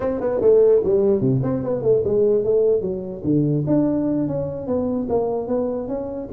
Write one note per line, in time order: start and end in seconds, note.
0.00 0.20 C4
0.20 0.41 B3
0.41 0.81 A3
0.83 1.20 G3
1.20 1.41 C3
1.42 1.63 C4
1.63 1.82 B3
1.82 2.02 A3
2.04 2.44 G#3
2.44 2.81 A3
2.81 3.22 F#3
3.23 3.64 D3
3.67 4.27 D4
4.27 4.67 C#4
4.67 5.07 B3
5.09 5.47 A#3
5.47 5.88 B3
5.88 6.28 C#4